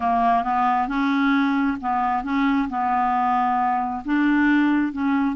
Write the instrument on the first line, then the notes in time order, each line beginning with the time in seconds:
clarinet
0.00 A#3
0.43 B3
0.88 C#4
1.81 B3
2.23 C#4
2.69 B3
4.04 D4
4.92 C#4